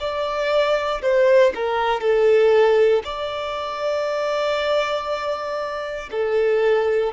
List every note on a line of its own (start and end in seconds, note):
0.00 1.02 D5
1.02 1.53 C5
1.55 2.01 A#4
2.01 3.03 A4
3.05 6.10 D5
6.12 7.13 A4